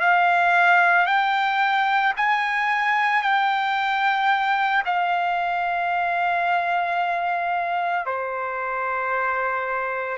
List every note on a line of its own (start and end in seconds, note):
0.00 1.06 F5
1.06 2.13 G5
2.17 3.22 G#5
3.22 4.83 G5
4.86 8.06 F5
8.06 10.17 C5